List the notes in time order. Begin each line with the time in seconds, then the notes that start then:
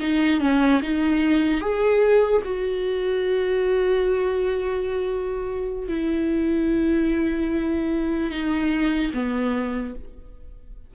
0.00 D#4
0.41 C#4
0.83 D#4
1.61 G#4
2.45 F#4
5.88 E4
8.31 D#4
9.14 B3